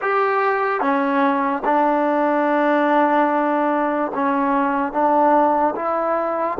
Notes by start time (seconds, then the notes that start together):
0.01 G4
0.80 C#4
1.64 D4
4.14 C#4
4.92 D4
5.75 E4